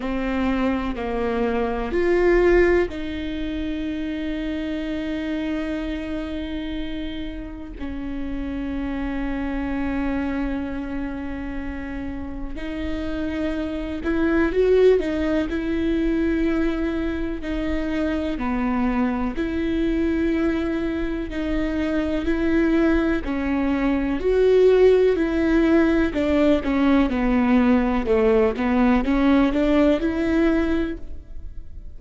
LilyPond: \new Staff \with { instrumentName = "viola" } { \time 4/4 \tempo 4 = 62 c'4 ais4 f'4 dis'4~ | dis'1 | cis'1~ | cis'4 dis'4. e'8 fis'8 dis'8 |
e'2 dis'4 b4 | e'2 dis'4 e'4 | cis'4 fis'4 e'4 d'8 cis'8 | b4 a8 b8 cis'8 d'8 e'4 | }